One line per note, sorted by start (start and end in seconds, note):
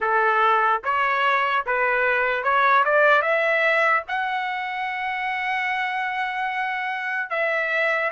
0.00 0.81 A4
0.84 1.65 C#5
1.65 2.43 B4
2.43 2.84 C#5
2.85 3.21 D5
3.21 4.02 E5
4.08 7.30 F#5
7.30 8.11 E5